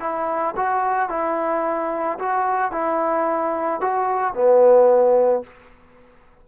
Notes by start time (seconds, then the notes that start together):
0.00 E4
0.56 F#4
1.09 E4
2.18 F#4
2.71 E4
3.81 F#4
4.34 B3